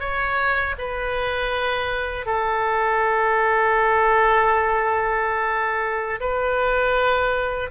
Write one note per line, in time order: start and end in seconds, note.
0.00 0.75 C#5
0.79 2.26 B4
2.26 6.20 A4
6.21 7.71 B4